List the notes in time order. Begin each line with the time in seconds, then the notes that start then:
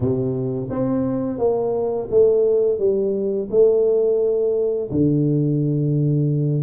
0.00 C3
0.70 C4
1.38 A#3
2.10 A3
2.78 G3
3.50 A3
4.91 D3